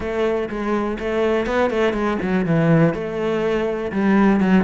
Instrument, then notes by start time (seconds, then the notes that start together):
cello
0.00 A3
0.49 G#3
0.99 A3
1.46 B3
1.70 A3
1.93 G#3
2.22 F#3
2.45 E3
2.94 A3
3.92 G3
4.40 F#3